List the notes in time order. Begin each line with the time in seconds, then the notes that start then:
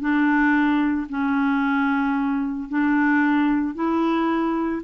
0.00 D4
1.09 C#4
2.69 D4
3.75 E4